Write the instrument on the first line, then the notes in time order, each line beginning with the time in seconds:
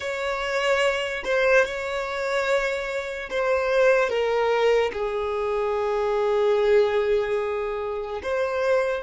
violin
0.00 C#5
1.24 C5
1.65 C#5
3.30 C5
4.09 A#4
4.92 G#4
8.22 C5